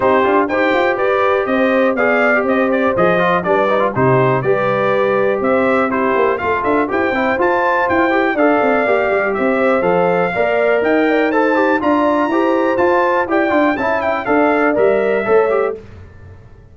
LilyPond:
<<
  \new Staff \with { instrumentName = "trumpet" } { \time 4/4 \tempo 4 = 122 c''4 g''4 d''4 dis''4 | f''4 dis''8 d''8 dis''4 d''4 | c''4 d''2 e''4 | c''4 f''8 e''8 g''4 a''4 |
g''4 f''2 e''4 | f''2 g''4 a''4 | ais''2 a''4 g''4 | a''8 g''8 f''4 e''2 | }
  \new Staff \with { instrumentName = "horn" } { \time 4/4 g'4 c''4 b'4 c''4 | d''4 c''2 b'4 | g'4 b'2 c''4 | g'4 a'4 c''2~ |
c''4 d''2 c''4~ | c''4 d''4 dis''8 d''8 c''4 | d''4 c''2 d''4 | e''4 d''2 cis''4 | }
  \new Staff \with { instrumentName = "trombone" } { \time 4/4 dis'8 f'8 g'2. | gis'8. g'4~ g'16 gis'8 f'8 d'8 dis'16 f'16 | dis'4 g'2. | e'4 f'4 g'8 e'8 f'4~ |
f'8 g'8 a'4 g'2 | a'4 ais'2 a'8 g'8 | f'4 g'4 f'4 g'8 f'8 | e'4 a'4 ais'4 a'8 g'8 | }
  \new Staff \with { instrumentName = "tuba" } { \time 4/4 c'8 d'8 dis'8 f'8 g'4 c'4 | b4 c'4 f4 g4 | c4 g2 c'4~ | c'8 ais8 a8 d'8 e'8 c'8 f'4 |
e'4 d'8 c'8 ais8 g8 c'4 | f4 ais4 dis'2 | d'4 e'4 f'4 e'8 d'8 | cis'4 d'4 g4 a4 | }
>>